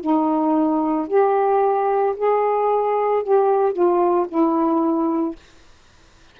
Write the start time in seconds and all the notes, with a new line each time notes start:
0.00 D#4
1.07 G4
2.16 G#4
3.23 G4
3.73 F4
4.28 E4